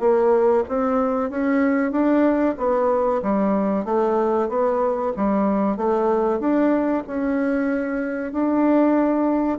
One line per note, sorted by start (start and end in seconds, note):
0.00 0.64 A#3
0.68 1.30 C4
1.30 1.91 C#4
1.91 2.55 D4
2.58 3.21 B3
3.23 3.85 G3
3.85 4.49 A3
4.49 5.13 B3
5.17 5.77 G3
5.77 6.39 A3
6.39 7.03 D4
7.07 8.33 C#4
8.33 9.59 D4